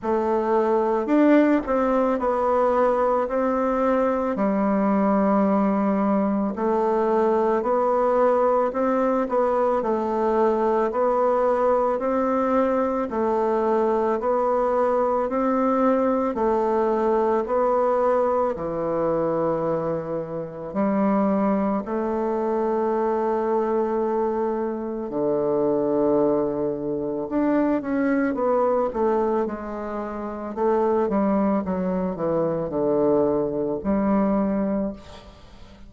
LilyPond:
\new Staff \with { instrumentName = "bassoon" } { \time 4/4 \tempo 4 = 55 a4 d'8 c'8 b4 c'4 | g2 a4 b4 | c'8 b8 a4 b4 c'4 | a4 b4 c'4 a4 |
b4 e2 g4 | a2. d4~ | d4 d'8 cis'8 b8 a8 gis4 | a8 g8 fis8 e8 d4 g4 | }